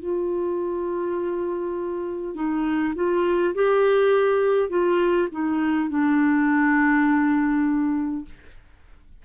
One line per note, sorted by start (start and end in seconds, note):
0.00 2.35 F4
2.36 2.95 D#4
2.96 3.55 F4
3.55 4.70 G4
4.70 5.29 F4
5.32 5.90 D#4
5.90 8.25 D4